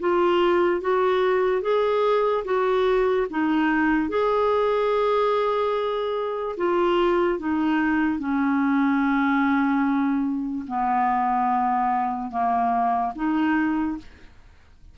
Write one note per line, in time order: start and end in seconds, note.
0.00 0.81 F4
0.81 1.62 F#4
1.62 2.44 G#4
2.45 3.27 F#4
3.30 4.09 D#4
4.09 6.56 G#4
6.57 7.39 F4
7.39 8.19 D#4
8.19 10.66 C#4
10.68 12.31 B3
12.31 13.13 A#3
13.15 13.98 D#4